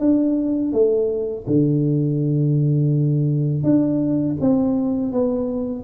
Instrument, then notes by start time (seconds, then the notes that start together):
tuba
0.00 D4
0.73 A3
1.48 D3
3.64 D4
4.41 C4
5.13 B3